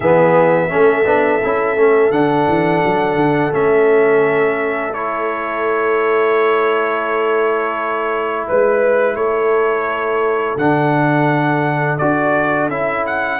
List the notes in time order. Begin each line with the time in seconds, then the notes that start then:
0.00 E3 B3 G#4 E5
0.69 A3 C#4 A4
1.05 B3 D4
1.44 C#4 E4
1.75 A3 C#4
2.11 D3 D4 F#5
2.48 E3
2.85 F#3
3.15 D3
3.51 A3 C#4 E5
4.93 E4 C#5
8.47 G#3 B4
9.15 A3 A4 C#5
10.56 D3 D4 F#5
11.98 D4 F#4 D5
12.69 C#4 E4 E5
13.06 F#5